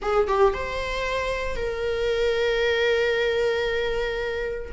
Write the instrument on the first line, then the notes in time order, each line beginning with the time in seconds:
viola
0.01 G#4
0.27 G4
0.53 C5
1.56 A#4